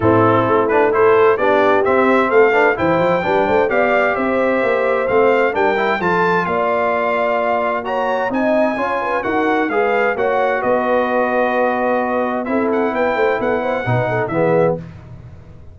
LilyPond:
<<
  \new Staff \with { instrumentName = "trumpet" } { \time 4/4 \tempo 4 = 130 a'4. b'8 c''4 d''4 | e''4 f''4 g''2 | f''4 e''2 f''4 | g''4 a''4 f''2~ |
f''4 ais''4 gis''2 | fis''4 f''4 fis''4 dis''4~ | dis''2. e''8 fis''8 | g''4 fis''2 e''4 | }
  \new Staff \with { instrumentName = "horn" } { \time 4/4 e'2 a'4 g'4~ | g'4 a'8 b'8 c''4 b'8 c''8 | d''4 c''2. | ais'4 a'4 d''2~ |
d''4 cis''4 dis''4 cis''8 b'8 | ais'4 b'4 cis''4 b'4~ | b'2. a'4 | b'8 c''8 a'8 c''8 b'8 a'8 gis'4 | }
  \new Staff \with { instrumentName = "trombone" } { \time 4/4 c'4. d'8 e'4 d'4 | c'4. d'8 e'4 d'4 | g'2. c'4 | d'8 e'8 f'2.~ |
f'4 fis'4 dis'4 f'4 | fis'4 gis'4 fis'2~ | fis'2. e'4~ | e'2 dis'4 b4 | }
  \new Staff \with { instrumentName = "tuba" } { \time 4/4 a,4 a2 b4 | c'4 a4 e8 f8 g8 a8 | b4 c'4 ais4 a4 | g4 f4 ais2~ |
ais2 c'4 cis'4 | dis'4 gis4 ais4 b4~ | b2. c'4 | b8 a8 b4 b,4 e4 | }
>>